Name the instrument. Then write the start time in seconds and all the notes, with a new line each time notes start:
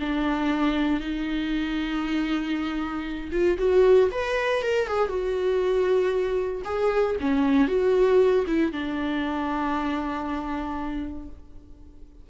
viola
0.00 D4
1.00 D#4
3.32 F4
3.58 F#4
4.11 B4
4.62 A#4
4.87 G#4
5.09 F#4
6.65 G#4
7.21 C#4
7.68 F#4
8.47 E4
8.72 D4